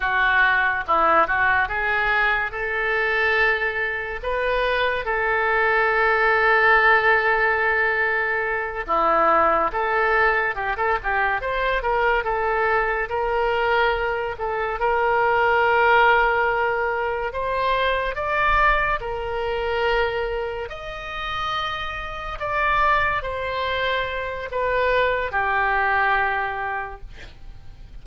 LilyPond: \new Staff \with { instrumentName = "oboe" } { \time 4/4 \tempo 4 = 71 fis'4 e'8 fis'8 gis'4 a'4~ | a'4 b'4 a'2~ | a'2~ a'8 e'4 a'8~ | a'8 g'16 a'16 g'8 c''8 ais'8 a'4 ais'8~ |
ais'4 a'8 ais'2~ ais'8~ | ais'8 c''4 d''4 ais'4.~ | ais'8 dis''2 d''4 c''8~ | c''4 b'4 g'2 | }